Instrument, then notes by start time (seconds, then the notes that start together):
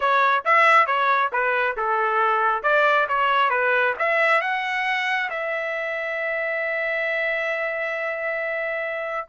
trumpet
0.00 C#5
0.44 E5
0.86 C#5
1.32 B4
1.76 A4
2.62 D5
3.08 C#5
3.50 B4
3.98 E5
4.41 F#5
5.29 E5